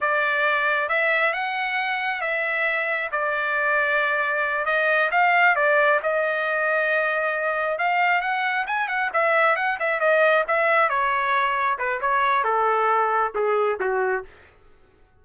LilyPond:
\new Staff \with { instrumentName = "trumpet" } { \time 4/4 \tempo 4 = 135 d''2 e''4 fis''4~ | fis''4 e''2 d''4~ | d''2~ d''8 dis''4 f''8~ | f''8 d''4 dis''2~ dis''8~ |
dis''4. f''4 fis''4 gis''8 | fis''8 e''4 fis''8 e''8 dis''4 e''8~ | e''8 cis''2 b'8 cis''4 | a'2 gis'4 fis'4 | }